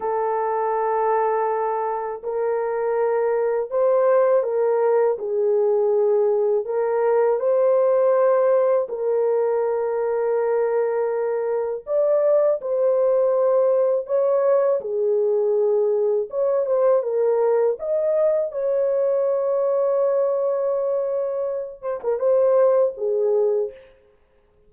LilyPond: \new Staff \with { instrumentName = "horn" } { \time 4/4 \tempo 4 = 81 a'2. ais'4~ | ais'4 c''4 ais'4 gis'4~ | gis'4 ais'4 c''2 | ais'1 |
d''4 c''2 cis''4 | gis'2 cis''8 c''8 ais'4 | dis''4 cis''2.~ | cis''4. c''16 ais'16 c''4 gis'4 | }